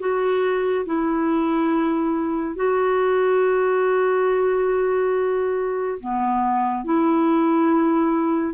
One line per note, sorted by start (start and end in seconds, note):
0.00 0.86 F#4
0.86 2.56 E4
2.56 5.99 F#4
6.00 6.85 B3
6.85 8.55 E4